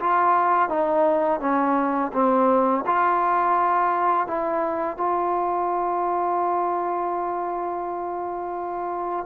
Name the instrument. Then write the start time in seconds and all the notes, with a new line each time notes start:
trombone
0.00 F4
0.69 D#4
1.40 C#4
2.13 C4
2.86 F4
4.27 E4
4.97 F4